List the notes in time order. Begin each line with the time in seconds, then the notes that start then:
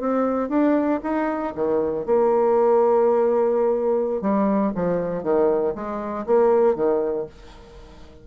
0.00 C4
0.49 D4
1.03 D#4
1.55 D#3
2.06 A#3
4.22 G3
4.75 F3
5.23 D#3
5.76 G#3
6.27 A#3
6.76 D#3